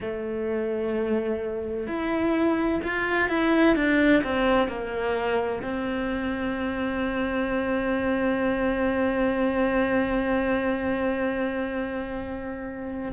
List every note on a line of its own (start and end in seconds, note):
0.00 1.87 A3
1.87 2.80 E4
2.83 3.28 F4
3.28 3.75 E4
3.75 4.22 D4
4.23 4.68 C4
4.68 5.62 A#3
5.62 13.12 C4